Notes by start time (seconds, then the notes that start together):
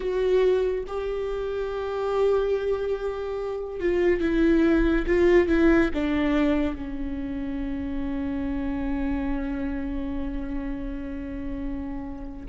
0.00 F#4
0.87 G4
3.80 F4
4.21 E4
5.06 F4
5.48 E4
5.94 D4
6.75 C#4